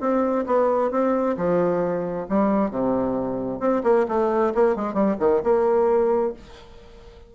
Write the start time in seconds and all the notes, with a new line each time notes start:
0.00 C4
0.46 B3
0.91 C4
1.37 F3
2.29 G3
2.70 C3
3.59 C4
3.83 A#3
4.08 A3
4.54 A#3
4.76 G#3
4.94 G3
5.19 D#3
5.43 A#3